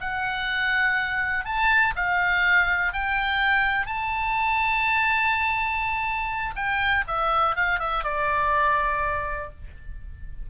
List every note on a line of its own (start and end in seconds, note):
0.00 1.45 F#5
1.45 1.93 A5
1.96 2.93 F5
2.93 3.86 G5
3.86 6.54 A5
6.55 7.04 G5
7.07 7.56 E5
7.56 7.79 F5
7.79 8.04 E5
8.04 9.50 D5